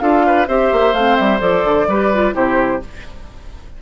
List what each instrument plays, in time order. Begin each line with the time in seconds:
0.00 bassoon D4, clarinet F4, oboe A4, flute F5
0.27 oboe B4
0.48 bassoon C4, clarinet G4, oboe C5, flute E5
0.73 bassoon A#3
0.94 bassoon A3, clarinet C4, flute F5
1.17 bassoon G3, flute E5
1.39 bassoon F3, clarinet A4, flute D5
1.65 bassoon D3
1.88 bassoon G3, clarinet G4, oboe B4
2.14 clarinet F4
2.33 bassoon C3, clarinet E4, oboe G4, flute C5